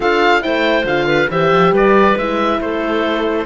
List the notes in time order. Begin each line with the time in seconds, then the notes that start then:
0.00 D4 F4 A4 F5
0.40 A3 E4 C5 G5
0.84 D3 F4 F5
1.07 B4
1.30 E3 G4 C5 E5
1.52 F3
1.71 G3 B4 D5
2.16 G#3 E4 E5
2.60 A3 A4 C5